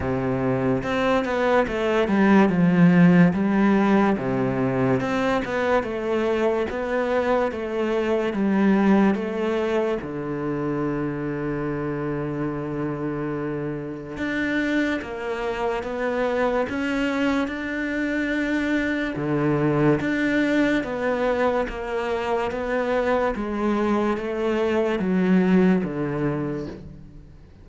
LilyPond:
\new Staff \with { instrumentName = "cello" } { \time 4/4 \tempo 4 = 72 c4 c'8 b8 a8 g8 f4 | g4 c4 c'8 b8 a4 | b4 a4 g4 a4 | d1~ |
d4 d'4 ais4 b4 | cis'4 d'2 d4 | d'4 b4 ais4 b4 | gis4 a4 fis4 d4 | }